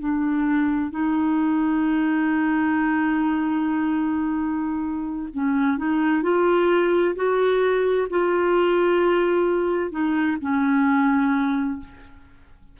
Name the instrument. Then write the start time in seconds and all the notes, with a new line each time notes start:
clarinet
0.00 D4
0.91 D#4
5.34 C#4
5.78 D#4
6.23 F4
7.16 F#4
8.10 F4
9.91 D#4
10.41 C#4